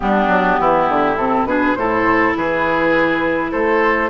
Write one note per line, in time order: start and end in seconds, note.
0.00 0.27 G3
0.00 1.17 B3
0.00 0.60 D4
0.00 1.17 G4
0.27 0.56 F#3
0.59 0.88 E3
0.59 1.48 E4
0.88 1.17 D3
1.17 1.44 C3
1.17 1.47 C4
1.17 1.46 A4
1.44 1.74 B2
1.44 1.76 D4
1.44 1.77 G#4
1.44 1.74 B4
1.74 2.34 A2
1.74 4.10 E4
1.74 2.37 A4
1.74 2.33 C5
2.36 3.53 E3
2.36 3.51 G#4
2.36 3.51 B4
3.51 4.10 A3
3.51 4.10 A4
3.51 4.10 C5